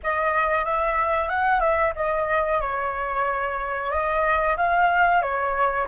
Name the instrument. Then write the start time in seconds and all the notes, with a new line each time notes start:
flute
0.03 D#5
0.64 E5
1.29 F#5
1.60 E5
1.95 D#5
2.61 C#5
3.91 D#5
4.57 F5
5.22 C#5